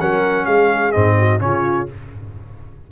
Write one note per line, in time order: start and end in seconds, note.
0.00 0.47 F#3
0.00 0.93 C#4
0.00 0.46 A#4
0.00 0.46 F#5
0.46 0.94 G#3
0.46 1.16 G#4
0.46 0.92 F5
0.92 1.41 G#2
0.92 1.39 C4
0.92 1.39 D#5
1.18 1.42 F#4
1.39 1.88 C#3
1.39 1.86 C#4
1.39 1.91 F4
1.39 1.87 C#5